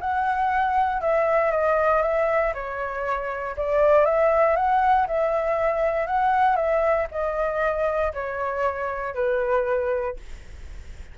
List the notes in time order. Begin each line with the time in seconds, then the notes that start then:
0.00 F#5
1.01 E5
1.51 D#5
2.02 E5
2.54 C#5
3.56 D5
4.05 E5
4.56 F#5
5.07 E5
6.06 F#5
6.56 E5
7.11 D#5
8.13 C#5
9.14 B4